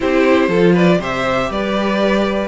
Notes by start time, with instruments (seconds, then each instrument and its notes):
0.00 cello C4, viola E4, violin G4 C5
0.48 cello F3, viola F4, violin A4
0.72 violin B4 D5
0.99 cello C3, viola G4, violin C5 E5
1.50 cello G3, violin B4 D5